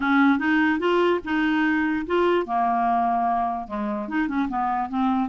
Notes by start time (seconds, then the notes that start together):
0.00 C#4
0.38 D#4
0.79 F4
1.24 D#4
2.06 F4
2.45 A#3
3.67 G#3
4.08 D#4
4.27 C#4
4.48 B3
4.89 C4